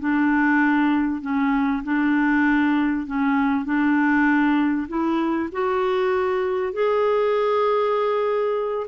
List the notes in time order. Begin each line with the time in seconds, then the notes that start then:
0.00 D4
1.22 C#4
1.84 D4
3.07 C#4
3.65 D4
4.88 E4
5.52 F#4
6.73 G#4